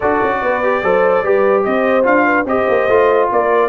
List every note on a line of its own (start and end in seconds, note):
0.00 0.22 D4
0.00 0.63 F#4
0.00 0.38 A4
0.00 1.63 D5
0.22 0.42 C#4
0.42 0.82 B3
0.42 0.83 B4
0.63 0.83 G4
0.82 1.24 F#3
0.82 1.23 A4
0.82 1.23 C5
1.23 1.65 G3
1.23 2.02 G4
1.23 1.64 B4
1.64 2.05 C4
1.64 2.26 C5
1.64 2.05 D#5
2.02 2.44 D4
2.02 2.44 F4
2.02 2.46 F5
2.26 2.46 B4
2.44 2.65 C4
2.44 2.89 G4
2.44 3.31 C5
2.44 3.29 D#5
2.69 2.88 A#3
2.88 3.29 A3
2.88 3.69 F4
3.31 3.69 A#3
3.31 3.69 A#4
3.31 3.69 D5